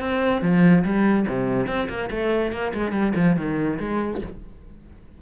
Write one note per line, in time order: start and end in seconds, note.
0.00 0.42 C4
0.42 0.84 F3
0.84 1.26 G3
1.28 1.67 C3
1.67 1.88 C4
1.89 2.10 A#3
2.11 2.52 A3
2.52 2.73 A#3
2.74 2.92 G#3
2.92 3.13 G3
3.15 3.36 F3
3.37 3.79 D#3
3.80 4.21 G#3